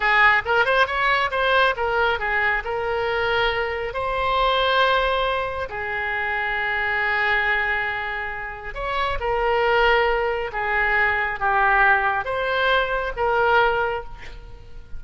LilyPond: \new Staff \with { instrumentName = "oboe" } { \time 4/4 \tempo 4 = 137 gis'4 ais'8 c''8 cis''4 c''4 | ais'4 gis'4 ais'2~ | ais'4 c''2.~ | c''4 gis'2.~ |
gis'1 | cis''4 ais'2. | gis'2 g'2 | c''2 ais'2 | }